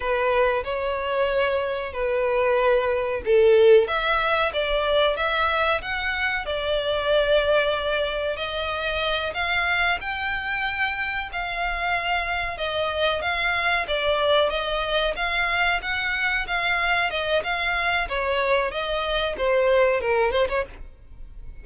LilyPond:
\new Staff \with { instrumentName = "violin" } { \time 4/4 \tempo 4 = 93 b'4 cis''2 b'4~ | b'4 a'4 e''4 d''4 | e''4 fis''4 d''2~ | d''4 dis''4. f''4 g''8~ |
g''4. f''2 dis''8~ | dis''8 f''4 d''4 dis''4 f''8~ | f''8 fis''4 f''4 dis''8 f''4 | cis''4 dis''4 c''4 ais'8 c''16 cis''16 | }